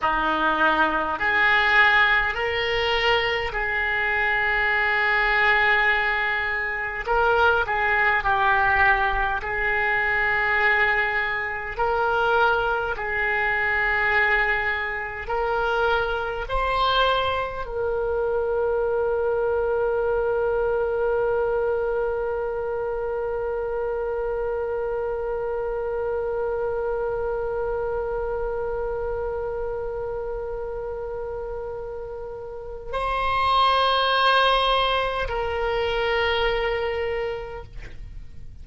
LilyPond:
\new Staff \with { instrumentName = "oboe" } { \time 4/4 \tempo 4 = 51 dis'4 gis'4 ais'4 gis'4~ | gis'2 ais'8 gis'8 g'4 | gis'2 ais'4 gis'4~ | gis'4 ais'4 c''4 ais'4~ |
ais'1~ | ais'1~ | ais'1 | c''2 ais'2 | }